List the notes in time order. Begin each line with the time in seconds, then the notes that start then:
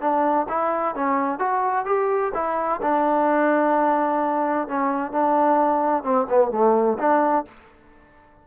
0.00 D4
0.49 E4
0.95 C#4
1.39 F#4
1.85 G4
2.34 E4
2.82 D4
4.68 C#4
5.12 D4
6.03 C4
6.29 B3
6.51 A3
6.99 D4